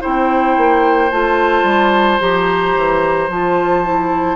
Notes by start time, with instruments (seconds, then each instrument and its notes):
0.00 bassoon C4, clarinet E4, oboe C5, flute G5
0.57 bassoon A#3
1.10 bassoon A3, clarinet F4, flute A5
1.63 bassoon G3
2.20 bassoon F3, clarinet G4, flute A#5
2.75 bassoon E3
3.28 bassoon F3, clarinet F4, flute A5
3.84 clarinet E4